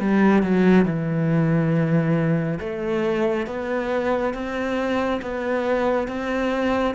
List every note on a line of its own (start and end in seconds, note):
0.00 0.43 G3
0.43 0.85 F#3
0.85 2.59 E3
2.60 3.47 A3
3.47 4.34 B3
4.34 5.21 C4
5.22 6.08 B3
6.08 6.95 C4